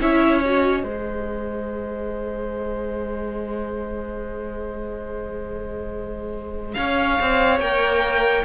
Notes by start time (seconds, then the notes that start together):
0.00 C#4 E4 C#5 E5
0.43 F#4 D#5
0.83 G#3 G#4 C5
6.74 C#4 C#5 F5
7.20 C4
7.60 A#3 A#4 G5